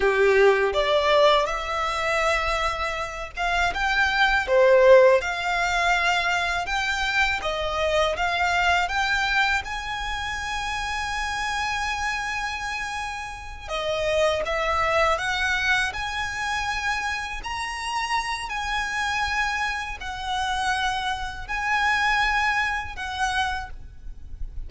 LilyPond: \new Staff \with { instrumentName = "violin" } { \time 4/4 \tempo 4 = 81 g'4 d''4 e''2~ | e''8 f''8 g''4 c''4 f''4~ | f''4 g''4 dis''4 f''4 | g''4 gis''2.~ |
gis''2~ gis''8 dis''4 e''8~ | e''8 fis''4 gis''2 ais''8~ | ais''4 gis''2 fis''4~ | fis''4 gis''2 fis''4 | }